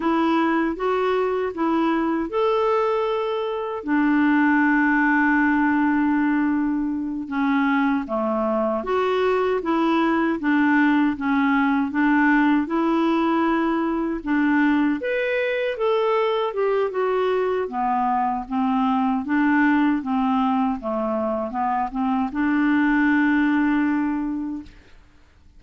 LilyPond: \new Staff \with { instrumentName = "clarinet" } { \time 4/4 \tempo 4 = 78 e'4 fis'4 e'4 a'4~ | a'4 d'2.~ | d'4. cis'4 a4 fis'8~ | fis'8 e'4 d'4 cis'4 d'8~ |
d'8 e'2 d'4 b'8~ | b'8 a'4 g'8 fis'4 b4 | c'4 d'4 c'4 a4 | b8 c'8 d'2. | }